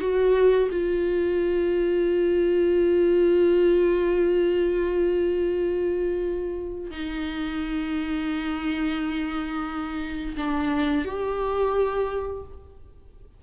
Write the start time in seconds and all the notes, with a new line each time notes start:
0.00 F#4
0.71 F4
6.91 D#4
10.37 D4
11.05 G4